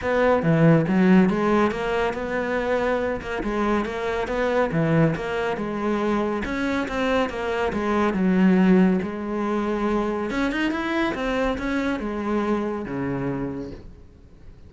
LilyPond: \new Staff \with { instrumentName = "cello" } { \time 4/4 \tempo 4 = 140 b4 e4 fis4 gis4 | ais4 b2~ b8 ais8 | gis4 ais4 b4 e4 | ais4 gis2 cis'4 |
c'4 ais4 gis4 fis4~ | fis4 gis2. | cis'8 dis'8 e'4 c'4 cis'4 | gis2 cis2 | }